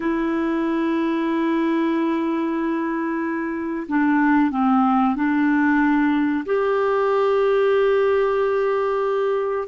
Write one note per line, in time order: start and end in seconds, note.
0.00 3.87 E4
3.88 4.50 D4
4.50 5.15 C4
5.15 6.44 D4
6.45 9.68 G4